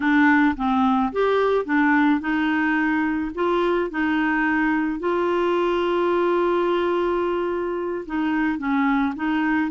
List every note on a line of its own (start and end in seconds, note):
0.00 0.55 D4
0.56 1.12 C4
1.12 1.65 G4
1.65 2.20 D4
2.20 3.31 D#4
3.35 3.90 F4
3.90 4.99 D#4
4.99 8.05 F4
8.06 8.58 D#4
8.58 9.14 C#4
9.15 9.70 D#4